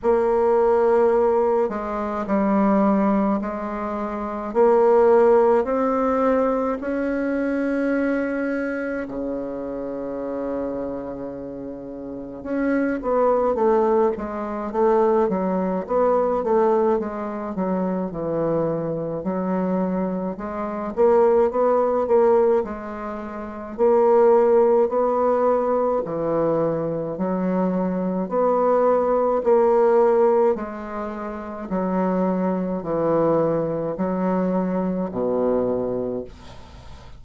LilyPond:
\new Staff \with { instrumentName = "bassoon" } { \time 4/4 \tempo 4 = 53 ais4. gis8 g4 gis4 | ais4 c'4 cis'2 | cis2. cis'8 b8 | a8 gis8 a8 fis8 b8 a8 gis8 fis8 |
e4 fis4 gis8 ais8 b8 ais8 | gis4 ais4 b4 e4 | fis4 b4 ais4 gis4 | fis4 e4 fis4 b,4 | }